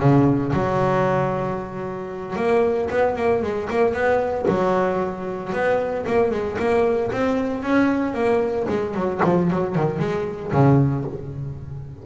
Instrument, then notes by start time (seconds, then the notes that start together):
double bass
0.00 C#3
0.53 F#3
2.37 A#3
2.90 B3
3.17 A#3
3.43 G#3
3.70 A#3
3.94 B3
4.48 F#3
5.53 B3
6.07 A#3
6.31 G#3
6.59 A#3
7.12 C4
7.63 C#4
8.14 A#3
8.69 G#3
8.95 F#3
9.24 F3
9.51 F#3
9.75 D#3
10.00 G#3
10.52 C#3